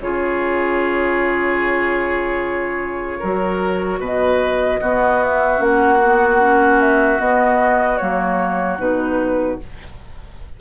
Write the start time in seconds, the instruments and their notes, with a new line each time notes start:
0.00 bassoon C#3, clarinet F4, oboe G#4, flute C#5
3.19 bassoon F#3, clarinet F#4, oboe A#4
3.99 bassoon B2, oboe B4
4.05 flute D#5
4.80 clarinet B3, bassoon B3, oboe F#4
5.24 flute E5
5.58 bassoon A#3, clarinet C#4, flute F#5
6.03 clarinet B3
6.40 clarinet C#4
6.81 flute E5
7.18 clarinet B3, bassoon B3, flute D#5
7.97 bassoon F#3, clarinet A#3, flute C#5
8.78 bassoon B2, clarinet D#4, flute B4